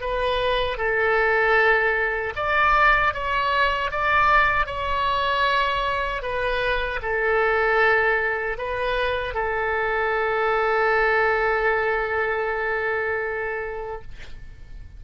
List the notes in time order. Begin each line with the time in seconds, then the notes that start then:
0.00 B4
0.77 A4
2.36 D5
3.14 C#5
3.91 D5
4.66 C#5
6.22 B4
7.02 A4
8.57 B4
9.34 A4